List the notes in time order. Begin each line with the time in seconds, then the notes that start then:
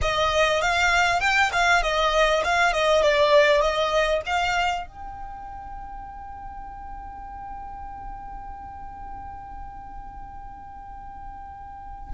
0.01 D#5
0.61 F5
1.20 G5
1.52 F5
1.82 D#5
2.44 F5
2.72 D#5
3.02 D5
3.61 D#5
4.26 F5
4.86 G5